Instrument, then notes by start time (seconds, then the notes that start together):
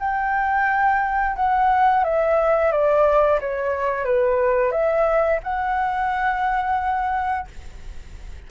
flute
0.00 G5
1.37 F#5
2.05 E5
2.72 D5
3.41 C#5
4.05 B4
4.72 E5
5.44 F#5